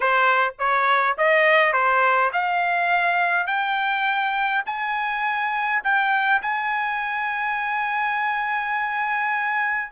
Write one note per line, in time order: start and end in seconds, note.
0.00 0.54 C5
0.58 1.17 C#5
1.17 1.73 D#5
1.73 2.31 C5
2.32 3.46 F5
3.46 4.63 G5
4.66 5.82 G#5
5.83 6.41 G5
6.42 9.91 G#5